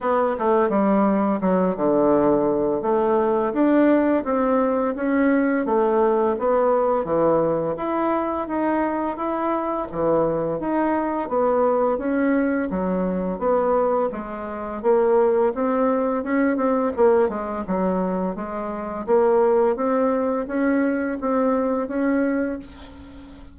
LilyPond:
\new Staff \with { instrumentName = "bassoon" } { \time 4/4 \tempo 4 = 85 b8 a8 g4 fis8 d4. | a4 d'4 c'4 cis'4 | a4 b4 e4 e'4 | dis'4 e'4 e4 dis'4 |
b4 cis'4 fis4 b4 | gis4 ais4 c'4 cis'8 c'8 | ais8 gis8 fis4 gis4 ais4 | c'4 cis'4 c'4 cis'4 | }